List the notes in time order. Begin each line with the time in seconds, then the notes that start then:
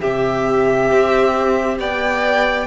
0.00 C3 G4 E5
0.91 C4
1.79 B3 D5 G5